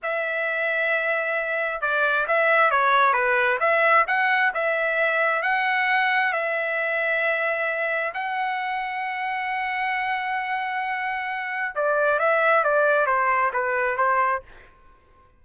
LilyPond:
\new Staff \with { instrumentName = "trumpet" } { \time 4/4 \tempo 4 = 133 e''1 | d''4 e''4 cis''4 b'4 | e''4 fis''4 e''2 | fis''2 e''2~ |
e''2 fis''2~ | fis''1~ | fis''2 d''4 e''4 | d''4 c''4 b'4 c''4 | }